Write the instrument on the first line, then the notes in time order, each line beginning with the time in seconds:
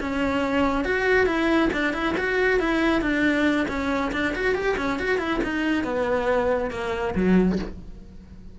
cello
0.00 C#4
0.84 F#4
1.26 E4
1.73 D4
1.93 E4
2.17 F#4
2.59 E4
3.01 D4
3.68 C#4
4.12 D4
4.35 F#4
4.54 G4
4.77 C#4
4.99 F#4
5.18 E4
5.43 D#4
5.83 B3
6.70 A#3
7.15 F#3